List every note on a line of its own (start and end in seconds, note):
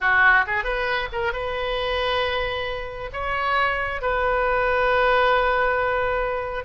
0.00 0.45 F#4
0.47 0.64 G#4
0.64 1.08 B4
1.12 1.32 A#4
1.32 3.10 B4
3.12 4.01 C#5
4.01 6.64 B4